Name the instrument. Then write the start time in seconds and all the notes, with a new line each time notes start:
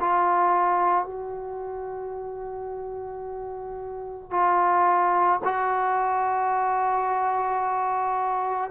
trombone
0.00 F4
1.05 F#4
4.31 F4
5.44 F#4